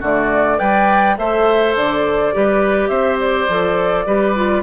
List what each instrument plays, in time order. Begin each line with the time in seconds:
0.00 bassoon D3, clarinet A3, oboe F#4, flute D5
0.58 bassoon G3, clarinet B4, oboe D5, flute G5
1.18 bassoon A3, clarinet A4, oboe C5, flute E5
1.76 bassoon D3, flute D5
2.33 bassoon G3, clarinet G4, oboe B4
2.88 bassoon C4, oboe C5, flute E5
3.21 flute D5
3.49 bassoon F3, clarinet A4
4.06 bassoon G3, clarinet G4, oboe B4
4.36 clarinet F4